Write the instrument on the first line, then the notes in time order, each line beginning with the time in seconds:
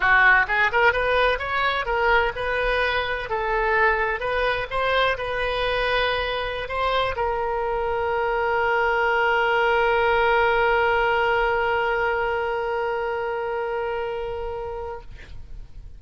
oboe
0.00 F#4
0.47 G#4
0.72 A#4
0.92 B4
1.38 C#5
1.85 A#4
2.35 B4
3.29 A4
4.20 B4
4.70 C5
5.17 B4
6.68 C5
7.16 A#4